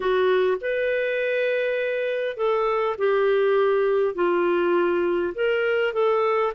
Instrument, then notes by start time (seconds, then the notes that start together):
clarinet
0.00 F#4
0.60 B4
2.36 A4
2.98 G4
4.14 F4
5.34 A#4
5.93 A4